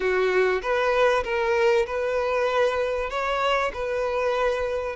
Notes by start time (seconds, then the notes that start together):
0.00 F#4
0.62 B4
1.24 A#4
1.86 B4
3.10 C#5
3.73 B4